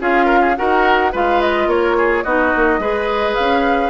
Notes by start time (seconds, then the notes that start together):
0.00 C#4 F4 G#4 F5
0.26 A#4
0.41 G#4
0.56 D#4 F#4 A#4 F#5
1.12 G#3 F4 B4 F5
1.41 D#5
1.66 A#3 A#4 C#5
1.98 G#4
2.23 B3 D#4 F#4 D#5
2.56 A#3
2.79 G#3 G#4 B4
3.35 C#4 F5